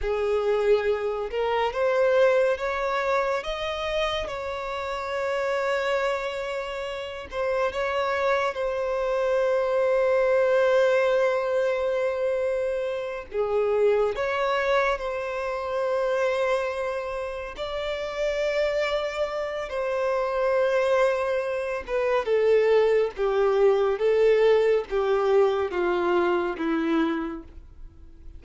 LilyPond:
\new Staff \with { instrumentName = "violin" } { \time 4/4 \tempo 4 = 70 gis'4. ais'8 c''4 cis''4 | dis''4 cis''2.~ | cis''8 c''8 cis''4 c''2~ | c''2.~ c''8 gis'8~ |
gis'8 cis''4 c''2~ c''8~ | c''8 d''2~ d''8 c''4~ | c''4. b'8 a'4 g'4 | a'4 g'4 f'4 e'4 | }